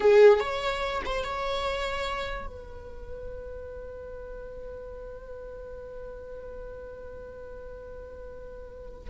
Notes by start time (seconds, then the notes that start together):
0.00 G#4
0.39 C#5
1.05 C5
1.24 C#5
2.47 B4